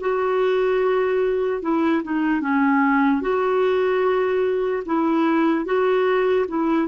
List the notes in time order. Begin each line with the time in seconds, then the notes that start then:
0.00 F#4
1.62 E4
2.03 D#4
2.41 C#4
3.21 F#4
4.86 E4
5.65 F#4
6.48 E4